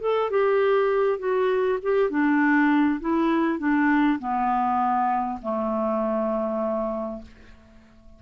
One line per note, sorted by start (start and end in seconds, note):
0.00 0.30 A4
0.30 1.18 G4
1.18 1.78 F#4
1.82 2.09 G4
2.09 2.99 D4
3.00 3.58 E4
3.58 4.18 D4
4.19 5.39 B3
5.41 7.21 A3